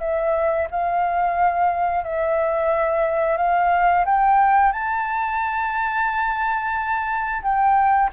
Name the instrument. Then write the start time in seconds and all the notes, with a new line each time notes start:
flute
0.00 E5
0.71 F5
2.04 E5
3.37 F5
4.05 G5
4.72 A5
7.42 G5